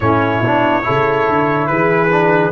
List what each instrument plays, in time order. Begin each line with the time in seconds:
0.00 tuba A2, trombone C#4, horn E4, trumpet C#5
0.40 tuba B2, trombone D4
0.82 tuba C#3, trombone E4, horn A4
1.28 tuba D3
1.66 tuba E3, horn G#4, trumpet B4
2.11 trombone D4